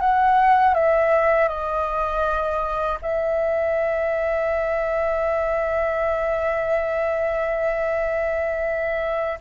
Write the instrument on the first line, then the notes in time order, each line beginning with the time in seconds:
flute
0.00 F#5
0.74 E5
1.48 D#5
3.01 E5